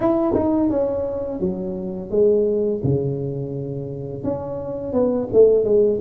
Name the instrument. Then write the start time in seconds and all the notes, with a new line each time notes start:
tuba
0.00 E4
0.34 D#4
0.70 C#4
1.40 F#3
2.10 G#3
2.83 C#3
4.23 C#4
4.92 B3
5.32 A3
5.64 G#3